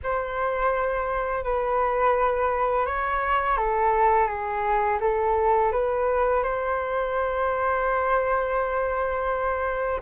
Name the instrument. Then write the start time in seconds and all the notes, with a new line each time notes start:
flute
0.03 C5
1.44 B4
2.85 C#5
3.57 A4
4.27 G#4
5.00 A4
5.71 B4
6.43 C5